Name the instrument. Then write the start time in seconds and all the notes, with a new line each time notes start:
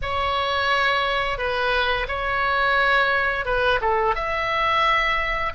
oboe
0.02 C#5
1.38 B4
2.08 C#5
3.45 B4
3.81 A4
4.15 E5